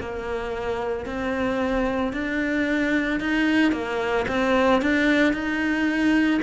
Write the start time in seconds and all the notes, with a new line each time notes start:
0.00 A#3
1.06 C4
2.13 D4
3.20 D#4
3.72 A#3
4.28 C4
4.82 D4
5.33 D#4